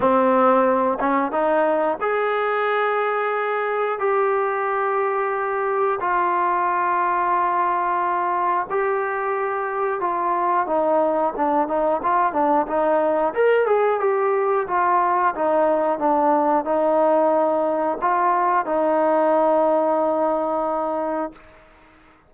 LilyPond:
\new Staff \with { instrumentName = "trombone" } { \time 4/4 \tempo 4 = 90 c'4. cis'8 dis'4 gis'4~ | gis'2 g'2~ | g'4 f'2.~ | f'4 g'2 f'4 |
dis'4 d'8 dis'8 f'8 d'8 dis'4 | ais'8 gis'8 g'4 f'4 dis'4 | d'4 dis'2 f'4 | dis'1 | }